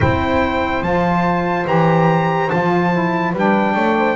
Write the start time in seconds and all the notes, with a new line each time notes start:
0.00 C4 E4 C5 G5
0.82 F3 F4 A5
1.65 E3 G4 A#5
2.49 F3 F4 A5
2.91 E4
3.32 G3 D4 B4
3.38 G5
3.74 A3 C#5
3.98 C5